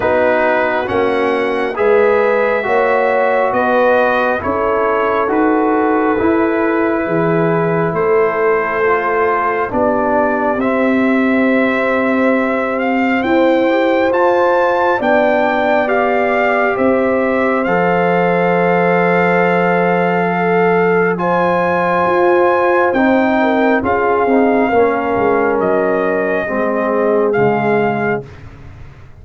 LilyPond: <<
  \new Staff \with { instrumentName = "trumpet" } { \time 4/4 \tempo 4 = 68 b'4 fis''4 e''2 | dis''4 cis''4 b'2~ | b'4 c''2 d''4 | e''2~ e''8 f''8 g''4 |
a''4 g''4 f''4 e''4 | f''1 | gis''2 g''4 f''4~ | f''4 dis''2 f''4 | }
  \new Staff \with { instrumentName = "horn" } { \time 4/4 fis'2 b'4 cis''4 | b'4 a'2. | gis'4 a'2 g'4~ | g'2. c''4~ |
c''4 d''2 c''4~ | c''2. a'4 | c''2~ c''8 ais'8 gis'4 | ais'2 gis'2 | }
  \new Staff \with { instrumentName = "trombone" } { \time 4/4 dis'4 cis'4 gis'4 fis'4~ | fis'4 e'4 fis'4 e'4~ | e'2 f'4 d'4 | c'2.~ c'8 g'8 |
f'4 d'4 g'2 | a'1 | f'2 dis'4 f'8 dis'8 | cis'2 c'4 gis4 | }
  \new Staff \with { instrumentName = "tuba" } { \time 4/4 b4 ais4 gis4 ais4 | b4 cis'4 dis'4 e'4 | e4 a2 b4 | c'2. e'4 |
f'4 b2 c'4 | f1~ | f4 f'4 c'4 cis'8 c'8 | ais8 gis8 fis4 gis4 cis4 | }
>>